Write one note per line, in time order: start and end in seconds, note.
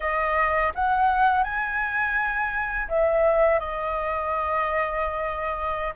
0.00 0.72 D#5
0.74 1.43 F#5
1.43 2.88 G#5
2.88 3.59 E5
3.59 5.94 D#5